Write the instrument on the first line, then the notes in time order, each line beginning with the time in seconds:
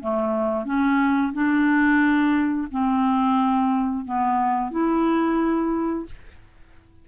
clarinet
0.00 A3
0.65 C#4
1.33 D4
2.71 C4
4.05 B3
4.71 E4